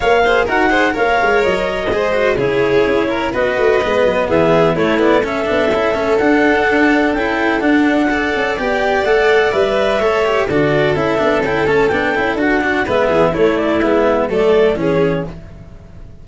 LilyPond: <<
  \new Staff \with { instrumentName = "clarinet" } { \time 4/4 \tempo 4 = 126 f''4 fis''4 f''4 dis''4~ | dis''4 cis''2 dis''4~ | dis''4 e''4 cis''8 d''8 e''4~ | e''4 fis''2 g''4 |
fis''2 g''4 fis''4 | e''2 d''4 e''4 | g''8 a''8 g''4 fis''4 e''4 | cis''8 d''8 e''4 d''4 cis''4 | }
  \new Staff \with { instrumentName = "violin" } { \time 4/4 cis''8 c''8 ais'8 c''8 cis''2 | c''4 gis'4. ais'8 b'4~ | b'4 gis'4 e'4 a'4~ | a'1~ |
a'4 d''2.~ | d''4 cis''4 a'2~ | a'2~ a'8 fis'8 b'8 gis'8 | e'2 a'4 gis'4 | }
  \new Staff \with { instrumentName = "cello" } { \time 4/4 ais'8 gis'8 fis'8 gis'8 ais'2 | gis'8 fis'8 e'2 fis'4 | b2 a8 b8 cis'8 d'8 | e'8 cis'8 d'2 e'4 |
d'4 a'4 g'4 a'4 | b'4 a'8 g'8 fis'4 e'8 d'8 | e'8 cis'8 d'8 e'8 fis'8 d'8 b4 | a4 b4 a4 cis'4 | }
  \new Staff \with { instrumentName = "tuba" } { \time 4/4 ais4 dis'4 ais8 gis8 fis4 | gis4 cis4 cis'4 b8 a8 | gis8 fis8 e4 a4. b8 | cis'8 a8 d'2 cis'4 |
d'4. cis'8 b4 a4 | g4 a4 d4 cis'8 b8 | cis'8 a8 b8 cis'8 d'4 gis8 e8 | a4 gis4 fis4 e4 | }
>>